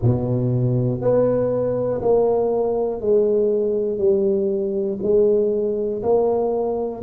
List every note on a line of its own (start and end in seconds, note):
0.02 1.00 B2
1.00 2.00 B3
2.01 3.00 A#3
3.00 3.98 G#3
3.98 4.98 G3
5.02 6.02 G#3
6.02 7.02 A#3